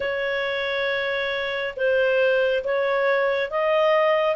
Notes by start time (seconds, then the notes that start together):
0.00 C#5
1.76 C5
2.63 C#5
3.50 D#5